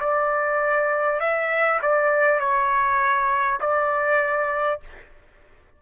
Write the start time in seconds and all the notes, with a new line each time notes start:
0.00 D5
1.21 E5
1.82 D5
2.40 C#5
3.61 D5